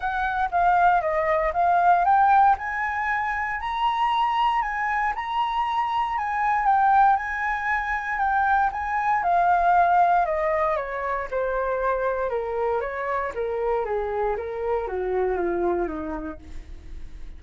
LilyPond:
\new Staff \with { instrumentName = "flute" } { \time 4/4 \tempo 4 = 117 fis''4 f''4 dis''4 f''4 | g''4 gis''2 ais''4~ | ais''4 gis''4 ais''2 | gis''4 g''4 gis''2 |
g''4 gis''4 f''2 | dis''4 cis''4 c''2 | ais'4 cis''4 ais'4 gis'4 | ais'4 fis'4 f'4 dis'4 | }